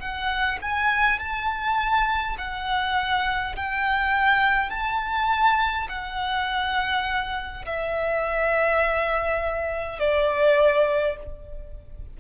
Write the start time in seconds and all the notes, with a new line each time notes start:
0.00 F#5
0.62 G#5
1.19 A5
2.38 F#5
3.56 G5
4.70 A5
5.89 F#5
7.66 E5
9.99 D5